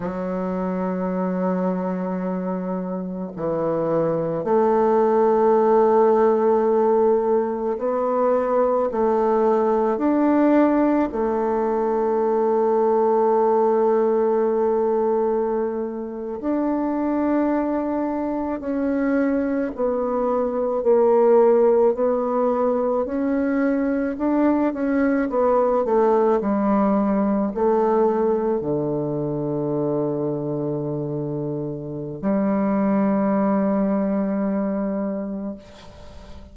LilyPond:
\new Staff \with { instrumentName = "bassoon" } { \time 4/4 \tempo 4 = 54 fis2. e4 | a2. b4 | a4 d'4 a2~ | a2~ a8. d'4~ d'16~ |
d'8. cis'4 b4 ais4 b16~ | b8. cis'4 d'8 cis'8 b8 a8 g16~ | g8. a4 d2~ d16~ | d4 g2. | }